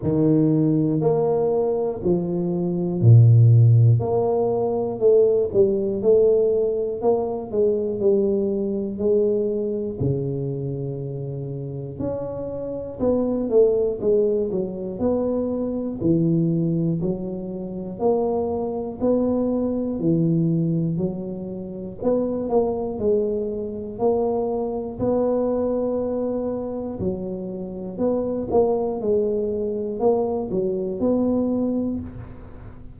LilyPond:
\new Staff \with { instrumentName = "tuba" } { \time 4/4 \tempo 4 = 60 dis4 ais4 f4 ais,4 | ais4 a8 g8 a4 ais8 gis8 | g4 gis4 cis2 | cis'4 b8 a8 gis8 fis8 b4 |
e4 fis4 ais4 b4 | e4 fis4 b8 ais8 gis4 | ais4 b2 fis4 | b8 ais8 gis4 ais8 fis8 b4 | }